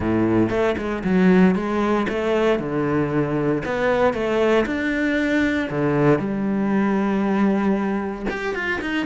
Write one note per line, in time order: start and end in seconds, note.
0.00 0.49 A2
0.49 0.75 A3
0.77 1.03 G#3
1.03 1.55 F#3
1.55 2.07 G#3
2.08 2.59 A3
2.59 3.62 D3
3.65 4.13 B3
4.13 4.65 A3
4.66 5.69 D4
5.69 6.19 D3
6.19 8.25 G3
8.30 8.54 G4
8.54 8.80 F4
8.81 9.06 D#4